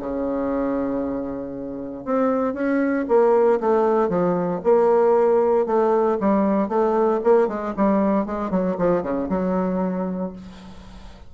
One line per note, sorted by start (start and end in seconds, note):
0.00 2.05 C#3
2.05 2.54 C4
2.54 3.06 C#4
3.08 3.60 A#3
3.60 4.09 A3
4.09 4.61 F3
4.64 5.66 A#3
5.66 6.18 A3
6.21 6.69 G3
6.69 7.21 A3
7.24 7.48 A#3
7.48 7.74 G#3
7.77 8.26 G3
8.26 8.51 G#3
8.51 8.76 F#3
8.79 9.03 F3
9.03 9.29 C#3
9.29 10.33 F#3